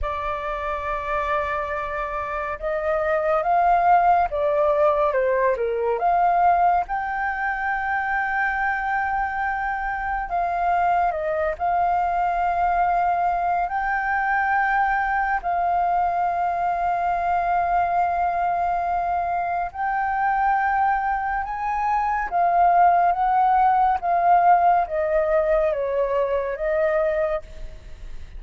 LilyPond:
\new Staff \with { instrumentName = "flute" } { \time 4/4 \tempo 4 = 70 d''2. dis''4 | f''4 d''4 c''8 ais'8 f''4 | g''1 | f''4 dis''8 f''2~ f''8 |
g''2 f''2~ | f''2. g''4~ | g''4 gis''4 f''4 fis''4 | f''4 dis''4 cis''4 dis''4 | }